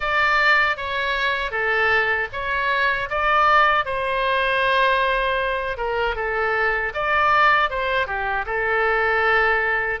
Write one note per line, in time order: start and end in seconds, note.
0.00 0.77 D5
0.77 1.51 C#5
1.51 2.28 A4
2.32 3.09 C#5
3.09 3.85 D5
3.85 5.77 C5
5.77 6.15 A#4
6.15 6.92 A4
6.94 7.70 D5
7.70 8.06 C5
8.06 8.45 G4
8.46 10.00 A4